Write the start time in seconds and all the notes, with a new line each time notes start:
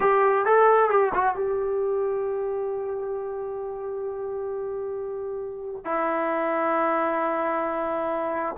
0.00 G4
0.45 A4
0.90 G4
1.14 F#4
1.35 G4
5.85 E4